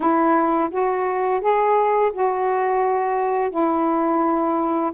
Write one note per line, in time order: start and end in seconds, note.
0.00 0.69 E4
0.71 1.41 F#4
1.41 2.11 G#4
2.12 3.50 F#4
3.50 4.91 E4